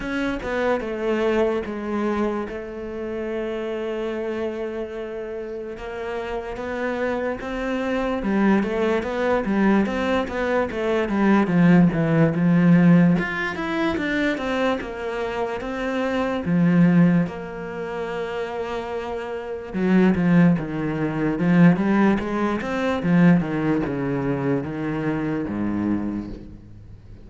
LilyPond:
\new Staff \with { instrumentName = "cello" } { \time 4/4 \tempo 4 = 73 cis'8 b8 a4 gis4 a4~ | a2. ais4 | b4 c'4 g8 a8 b8 g8 | c'8 b8 a8 g8 f8 e8 f4 |
f'8 e'8 d'8 c'8 ais4 c'4 | f4 ais2. | fis8 f8 dis4 f8 g8 gis8 c'8 | f8 dis8 cis4 dis4 gis,4 | }